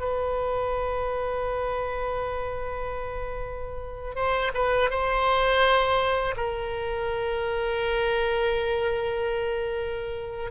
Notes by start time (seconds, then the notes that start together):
0.00 B4
4.15 C5
4.54 B4
4.90 C5
6.36 A#4